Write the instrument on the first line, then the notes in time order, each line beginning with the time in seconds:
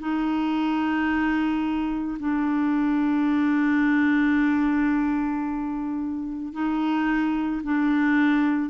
clarinet
0.00 D#4
2.20 D4
6.53 D#4
7.64 D4